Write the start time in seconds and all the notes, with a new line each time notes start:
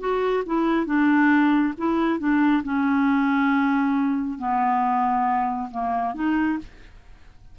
0.00 F#4
0.46 E4
0.86 D4
1.78 E4
2.19 D4
2.64 C#4
4.39 B3
5.71 A#3
6.15 D#4